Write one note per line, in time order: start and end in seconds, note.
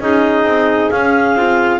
0.00 0.44 C#4
0.00 0.92 D#4
0.00 1.79 G#4
0.00 0.90 D#5
0.44 0.90 C4
0.90 1.37 C#4
0.90 1.35 C#4
0.90 1.79 F5
1.35 1.79 C4
1.35 1.79 F4